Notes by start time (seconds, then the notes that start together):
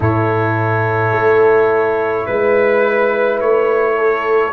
0.00 A2 E4 A4 C#5
1.11 A3
2.26 G#3 B4
3.40 A3 C#5
3.96 A4